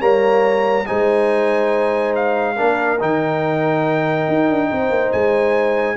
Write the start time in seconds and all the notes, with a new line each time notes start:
0.00 G3 A#3 C#5 A#5
0.85 G#3 D#4 C5 G#5
2.15 F5
2.56 A#3 D4 A#4
3.00 D#3 D#4 G5
4.28 D#4
4.49 D4
4.70 C4 C5
4.90 A#3
5.12 G#3 G#5